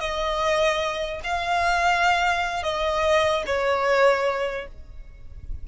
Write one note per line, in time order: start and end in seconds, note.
0.00 1.21 D#5
1.24 2.63 F5
2.63 3.43 D#5
3.46 4.67 C#5